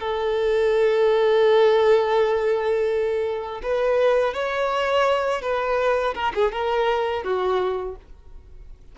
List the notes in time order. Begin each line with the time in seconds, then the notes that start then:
0.00 A4
3.63 B4
4.34 C#5
5.42 B4
6.15 A#4
6.35 G#4
6.52 A#4
7.24 F#4